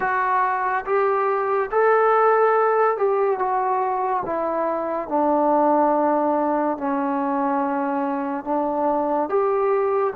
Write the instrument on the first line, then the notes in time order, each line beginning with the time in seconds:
trombone
0.00 F#4
0.85 G4
1.71 A4
2.97 G4
3.38 F#4
4.25 E4
5.08 D4
6.77 C#4
8.44 D4
9.29 G4